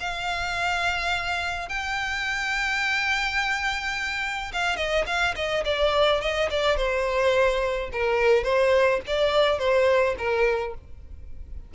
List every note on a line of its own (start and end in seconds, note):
0.00 1.69 F5
1.69 4.52 G5
4.53 4.77 F5
4.77 5.05 D#5
5.07 5.35 F5
5.36 5.64 D#5
5.65 6.21 D5
6.21 6.49 D#5
6.51 6.77 D5
6.77 7.90 C5
7.92 8.44 A#4
8.44 9.01 C5
9.07 9.59 D5
9.59 10.16 C5
10.18 10.75 A#4